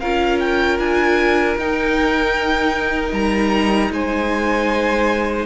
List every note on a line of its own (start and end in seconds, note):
0.00 0.79 C#4
0.00 1.58 F4
0.00 3.90 A#4
0.00 0.39 F5
0.40 0.79 G5
0.79 1.57 D4
0.79 1.58 G#5
1.57 3.12 D#4
1.57 5.46 D#4
1.57 3.14 G5
3.12 3.90 G3
3.12 3.92 A#5
3.91 5.46 G#3
3.91 5.46 C5
3.91 5.46 G#5